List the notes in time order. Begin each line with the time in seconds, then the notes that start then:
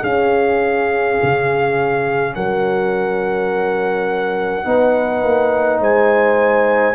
0.00 C#4 G#4 F5
1.23 C#3
2.35 F#3 A#4 F#5
4.64 B3 D#4 B4
5.23 A#3
5.80 G#3 C5 G#5